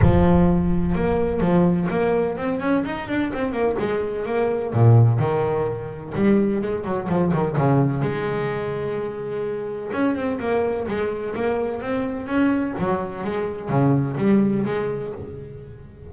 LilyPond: \new Staff \with { instrumentName = "double bass" } { \time 4/4 \tempo 4 = 127 f2 ais4 f4 | ais4 c'8 cis'8 dis'8 d'8 c'8 ais8 | gis4 ais4 ais,4 dis4~ | dis4 g4 gis8 fis8 f8 dis8 |
cis4 gis2.~ | gis4 cis'8 c'8 ais4 gis4 | ais4 c'4 cis'4 fis4 | gis4 cis4 g4 gis4 | }